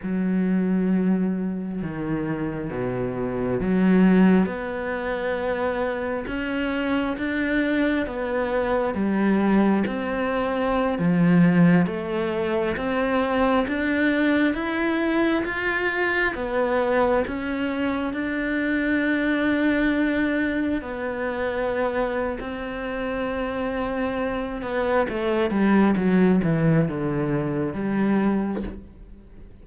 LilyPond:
\new Staff \with { instrumentName = "cello" } { \time 4/4 \tempo 4 = 67 fis2 dis4 b,4 | fis4 b2 cis'4 | d'4 b4 g4 c'4~ | c'16 f4 a4 c'4 d'8.~ |
d'16 e'4 f'4 b4 cis'8.~ | cis'16 d'2. b8.~ | b4 c'2~ c'8 b8 | a8 g8 fis8 e8 d4 g4 | }